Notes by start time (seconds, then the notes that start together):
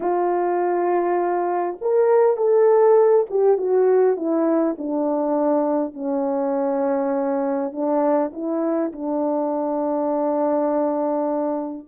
0.00 F4
1.81 A#4
2.37 A4
3.29 G4
3.57 F#4
4.16 E4
4.78 D4
5.93 C#4
7.71 D4
8.32 E4
8.92 D4